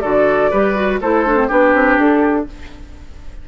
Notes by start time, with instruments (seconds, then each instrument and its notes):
0.00 bassoon D3, clarinet F#4, oboe A4, flute D5
0.51 bassoon G3, clarinet G4, oboe B4
0.74 clarinet F#4
1.00 bassoon A3, clarinet E4, oboe A4, flute C5
1.26 clarinet D4
1.37 clarinet C4
1.47 bassoon B3, clarinet D4, oboe G4, flute B4
1.74 bassoon C4
1.97 bassoon D4, flute A4